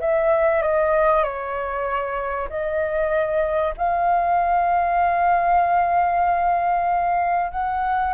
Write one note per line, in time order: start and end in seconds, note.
0.00 0.62 E5
0.62 1.23 D#5
1.23 2.48 C#5
2.49 3.74 D#5
3.77 7.51 F5
7.51 8.13 F#5